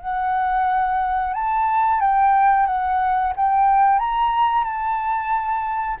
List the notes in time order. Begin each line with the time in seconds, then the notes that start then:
0.00 F#5
1.34 A5
2.00 G5
2.66 F#5
3.36 G5
3.99 A#5
4.64 A5